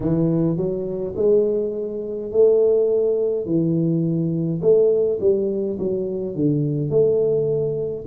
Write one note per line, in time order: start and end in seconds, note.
0.00 0.57 E3
0.57 1.14 F#3
1.15 2.31 G#3
2.31 3.45 A3
3.45 4.60 E3
4.62 5.19 A3
5.20 5.77 G3
5.78 6.35 F#3
6.35 6.89 D3
6.89 8.05 A3